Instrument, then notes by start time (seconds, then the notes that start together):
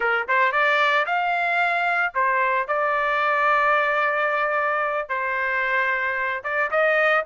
trumpet
0.00 A#4
0.28 C5
0.51 D5
1.05 F5
2.14 C5
2.67 D5
5.08 C5
6.43 D5
6.70 D#5